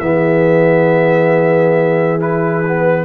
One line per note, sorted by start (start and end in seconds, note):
0.00 3.05 E3
0.00 2.21 B3
0.00 3.05 G#4
0.00 2.21 E5
2.21 2.65 E4
2.21 3.05 B4
2.67 3.05 B3